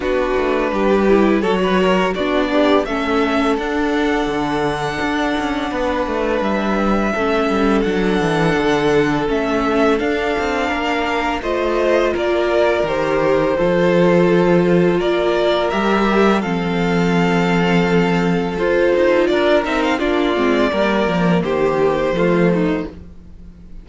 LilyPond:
<<
  \new Staff \with { instrumentName = "violin" } { \time 4/4 \tempo 4 = 84 b'2 cis''4 d''4 | e''4 fis''2.~ | fis''4 e''2 fis''4~ | fis''4 e''4 f''2 |
dis''4 d''4 c''2~ | c''4 d''4 e''4 f''4~ | f''2 c''4 d''8 e''16 f''16 | d''2 c''2 | }
  \new Staff \with { instrumentName = "violin" } { \time 4/4 fis'4 g'4 a'16 b'16 ais'8 fis'8 d'8 | a'1 | b'2 a'2~ | a'2. ais'4 |
c''4 ais'2 a'4~ | a'4 ais'2 a'4~ | a'2. ais'4 | f'4 ais'4 g'4 f'8 dis'8 | }
  \new Staff \with { instrumentName = "viola" } { \time 4/4 d'4. e'8 fis'4 d'8 g'8 | cis'4 d'2.~ | d'2 cis'4 d'4~ | d'4 cis'4 d'2 |
f'2 g'4 f'4~ | f'2 g'4 c'4~ | c'2 f'4. dis'8 | d'8 c'8 ais2 a4 | }
  \new Staff \with { instrumentName = "cello" } { \time 4/4 b8 a8 g4 fis4 b4 | a4 d'4 d4 d'8 cis'8 | b8 a8 g4 a8 g8 fis8 e8 | d4 a4 d'8 c'8 ais4 |
a4 ais4 dis4 f4~ | f4 ais4 g4 f4~ | f2 f'8 dis'8 d'8 c'8 | ais8 gis8 g8 f8 dis4 f4 | }
>>